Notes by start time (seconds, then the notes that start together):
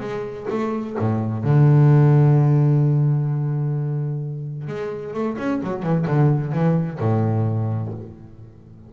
0.00 G#3
0.50 A3
0.99 A2
1.44 D3
4.67 G#3
5.14 A3
5.38 C#4
5.63 F#3
5.83 E3
6.07 D3
6.52 E3
7.00 A2